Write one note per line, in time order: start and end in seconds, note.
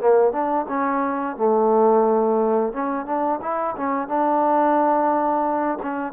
0.00 0.32 A#3
0.32 0.66 D4
0.68 1.36 C#4
1.36 2.72 A3
2.72 3.05 C#4
3.05 3.39 D4
3.41 3.75 E4
3.77 4.08 C#4
4.08 5.78 D4
5.82 6.12 C#4